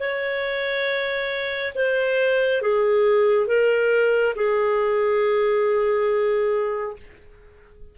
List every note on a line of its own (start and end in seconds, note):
0.00 1.74 C#5
1.75 2.62 C5
2.62 3.47 G#4
3.47 4.34 A#4
4.36 6.96 G#4